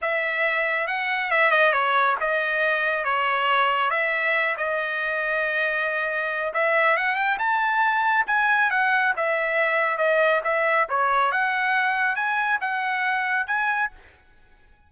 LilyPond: \new Staff \with { instrumentName = "trumpet" } { \time 4/4 \tempo 4 = 138 e''2 fis''4 e''8 dis''8 | cis''4 dis''2 cis''4~ | cis''4 e''4. dis''4.~ | dis''2. e''4 |
fis''8 g''8 a''2 gis''4 | fis''4 e''2 dis''4 | e''4 cis''4 fis''2 | gis''4 fis''2 gis''4 | }